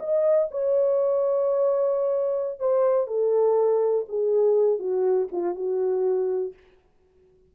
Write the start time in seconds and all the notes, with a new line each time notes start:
0.00 D#5
0.51 C#5
2.60 C5
3.07 A4
4.09 G#4
4.79 F#4
5.32 F4
5.55 F#4